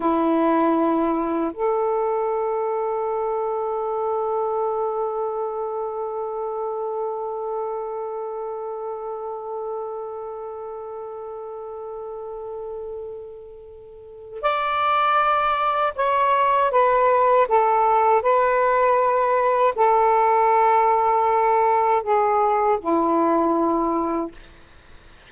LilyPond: \new Staff \with { instrumentName = "saxophone" } { \time 4/4 \tempo 4 = 79 e'2 a'2~ | a'1~ | a'1~ | a'1~ |
a'2. d''4~ | d''4 cis''4 b'4 a'4 | b'2 a'2~ | a'4 gis'4 e'2 | }